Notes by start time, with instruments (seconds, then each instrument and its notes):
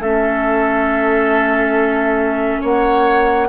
0.00 bassoon A3, clarinet C#4, oboe A4, flute E5
2.61 bassoon A#3, oboe C#5, flute F#5